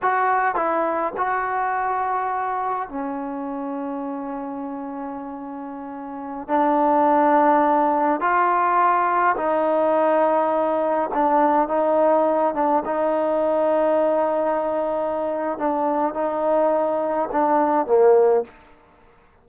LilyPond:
\new Staff \with { instrumentName = "trombone" } { \time 4/4 \tempo 4 = 104 fis'4 e'4 fis'2~ | fis'4 cis'2.~ | cis'2.~ cis'16 d'8.~ | d'2~ d'16 f'4.~ f'16~ |
f'16 dis'2. d'8.~ | d'16 dis'4. d'8 dis'4.~ dis'16~ | dis'2. d'4 | dis'2 d'4 ais4 | }